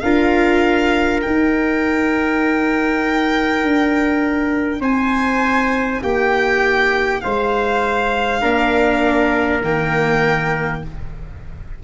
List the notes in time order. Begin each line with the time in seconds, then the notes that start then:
0.00 D4 F4 A#4 F5
1.21 D#4 G5
3.63 D4
4.80 C4 C5 G#5
6.02 A#3 G4 G5
7.21 G#3 C5 F5
8.41 A#3 D4 A#4
9.61 D#3 A#3 G5